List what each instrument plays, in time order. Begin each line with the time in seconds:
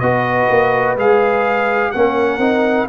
0.00 tuba B3, trombone F#4, horn B4, trumpet D#5
0.50 tuba A#3
0.96 tuba G#3, trombone G#4, trumpet F5
1.92 tuba A#3, trombone C#4, horn A#4, trumpet F#5
2.38 tuba C4, trombone D#4